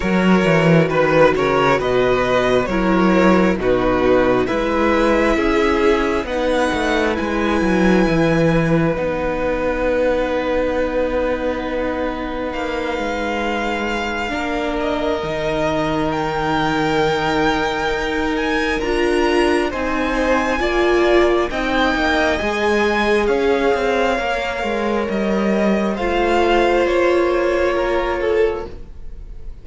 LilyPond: <<
  \new Staff \with { instrumentName = "violin" } { \time 4/4 \tempo 4 = 67 cis''4 b'8 cis''8 dis''4 cis''4 | b'4 e''2 fis''4 | gis''2 fis''2~ | fis''2 f''2~ |
f''8 dis''4. g''2~ | g''8 gis''8 ais''4 gis''2 | g''4 gis''4 f''2 | dis''4 f''4 cis''2 | }
  \new Staff \with { instrumentName = "violin" } { \time 4/4 ais'4 b'8 ais'8 b'4 ais'4 | fis'4 b'4 gis'4 b'4~ | b'1~ | b'1 |
ais'1~ | ais'2 c''4 d''4 | dis''2 cis''2~ | cis''4 c''2 ais'8 a'8 | }
  \new Staff \with { instrumentName = "viola" } { \time 4/4 fis'2. e'4 | dis'4 e'2 dis'4 | e'2 dis'2~ | dis'1 |
d'4 dis'2.~ | dis'4 f'4 dis'4 f'4 | dis'4 gis'2 ais'4~ | ais'4 f'2. | }
  \new Staff \with { instrumentName = "cello" } { \time 4/4 fis8 e8 dis8 cis8 b,4 fis4 | b,4 gis4 cis'4 b8 a8 | gis8 fis8 e4 b2~ | b2 ais8 gis4. |
ais4 dis2. | dis'4 d'4 c'4 ais4 | c'8 ais8 gis4 cis'8 c'8 ais8 gis8 | g4 a4 ais2 | }
>>